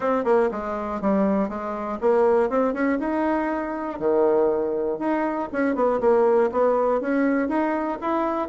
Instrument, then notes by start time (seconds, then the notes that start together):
bassoon
0.00 C4
0.24 A#3
0.51 G#3
1.01 G3
1.48 G#3
2.00 A#3
2.49 C4
2.73 C#4
2.99 D#4
3.99 D#3
4.99 D#4
5.52 C#4
5.75 B3
6.00 A#3
6.51 B3
7.00 C#4
7.48 D#4
8.01 E4